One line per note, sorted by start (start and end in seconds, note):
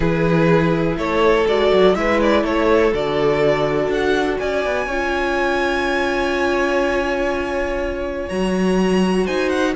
0.00 0.96 E3
0.00 1.46 E4
0.00 0.96 G#4
0.00 0.96 B4
0.96 1.45 A3
0.96 1.95 A4
0.96 1.47 C#5
1.47 1.71 G#3
1.47 1.95 F#4
1.47 1.95 D5
1.72 1.95 F#3
1.95 2.43 G#3
1.95 2.92 E4
1.95 2.43 B4
1.95 2.19 E5
2.21 2.44 D5
2.43 2.92 A3
2.43 4.38 A4
2.43 2.93 C#5
2.93 3.88 D3
2.93 4.88 F#4
2.93 3.91 D5
3.88 4.36 D4
3.88 4.38 F#5
4.38 4.65 C#4
4.38 4.87 D5
4.38 8.28 G#5
4.65 4.86 B3
4.86 8.27 C#4
4.86 8.30 F4
4.86 9.25 C#5
8.29 9.27 F#3
8.29 9.75 F#4
8.29 9.26 A#5
9.25 9.75 D#4
9.25 9.73 C5
9.25 9.49 G#5
9.49 9.73 F#5